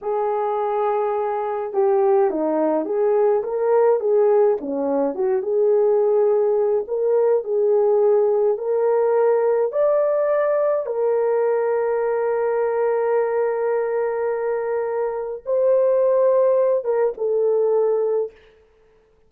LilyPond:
\new Staff \with { instrumentName = "horn" } { \time 4/4 \tempo 4 = 105 gis'2. g'4 | dis'4 gis'4 ais'4 gis'4 | cis'4 fis'8 gis'2~ gis'8 | ais'4 gis'2 ais'4~ |
ais'4 d''2 ais'4~ | ais'1~ | ais'2. c''4~ | c''4. ais'8 a'2 | }